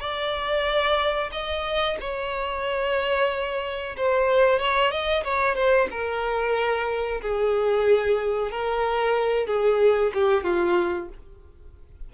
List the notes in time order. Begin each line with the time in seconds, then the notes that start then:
0.00 D5
1.32 D#5
2.00 C#5
3.97 C5
4.59 C#5
4.91 D#5
5.24 C#5
5.55 C5
5.91 A#4
7.22 G#4
8.51 A#4
9.47 G#4
10.14 G4
10.43 F4